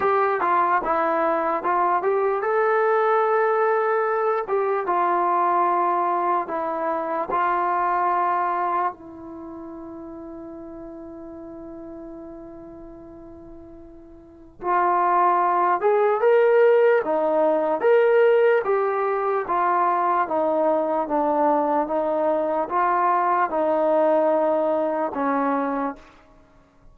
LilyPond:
\new Staff \with { instrumentName = "trombone" } { \time 4/4 \tempo 4 = 74 g'8 f'8 e'4 f'8 g'8 a'4~ | a'4. g'8 f'2 | e'4 f'2 e'4~ | e'1~ |
e'2 f'4. gis'8 | ais'4 dis'4 ais'4 g'4 | f'4 dis'4 d'4 dis'4 | f'4 dis'2 cis'4 | }